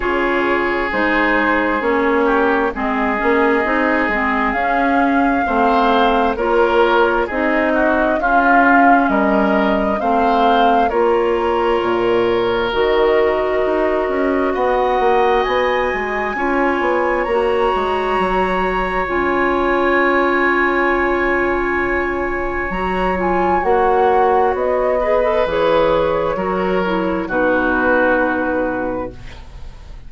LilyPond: <<
  \new Staff \with { instrumentName = "flute" } { \time 4/4 \tempo 4 = 66 cis''4 c''4 cis''4 dis''4~ | dis''4 f''2 cis''4 | dis''4 f''4 dis''4 f''4 | cis''2 dis''2 |
fis''4 gis''2 ais''4~ | ais''4 gis''2.~ | gis''4 ais''8 gis''8 fis''4 dis''4 | cis''2 b'2 | }
  \new Staff \with { instrumentName = "oboe" } { \time 4/4 gis'2~ gis'8 g'8 gis'4~ | gis'2 c''4 ais'4 | gis'8 fis'8 f'4 ais'4 c''4 | ais'1 |
dis''2 cis''2~ | cis''1~ | cis''2.~ cis''8 b'8~ | b'4 ais'4 fis'2 | }
  \new Staff \with { instrumentName = "clarinet" } { \time 4/4 f'4 dis'4 cis'4 c'8 cis'8 | dis'8 c'8 cis'4 c'4 f'4 | dis'4 cis'2 c'4 | f'2 fis'2~ |
fis'2 f'4 fis'4~ | fis'4 f'2.~ | f'4 fis'8 f'8 fis'4. gis'16 a'16 | gis'4 fis'8 e'8 dis'2 | }
  \new Staff \with { instrumentName = "bassoon" } { \time 4/4 cis4 gis4 ais4 gis8 ais8 | c'8 gis8 cis'4 a4 ais4 | c'4 cis'4 g4 a4 | ais4 ais,4 dis4 dis'8 cis'8 |
b8 ais8 b8 gis8 cis'8 b8 ais8 gis8 | fis4 cis'2.~ | cis'4 fis4 ais4 b4 | e4 fis4 b,2 | }
>>